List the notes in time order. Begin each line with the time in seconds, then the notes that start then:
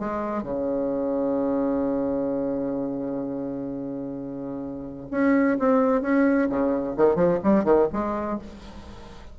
0.00 G#3
0.43 C#3
5.12 C#4
5.59 C4
6.02 C#4
6.50 C#3
6.97 D#3
7.16 F3
7.44 G3
7.64 D#3
7.93 G#3